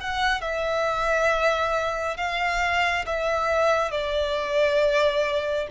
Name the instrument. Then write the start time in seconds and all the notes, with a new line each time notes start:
violin
0.00 F#5
0.41 E5
2.17 F5
3.06 E5
3.91 D5